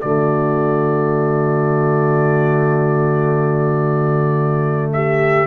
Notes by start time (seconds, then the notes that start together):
0.00 D3 A3 F#4 D5
4.92 G4 E5